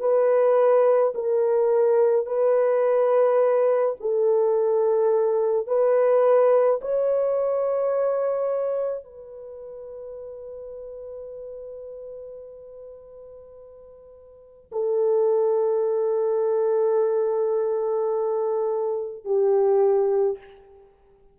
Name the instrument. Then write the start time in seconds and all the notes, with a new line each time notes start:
horn
0.00 B4
1.15 A#4
2.26 B4
4.00 A4
5.67 B4
6.81 C#5
9.05 B4
14.72 A4
19.25 G4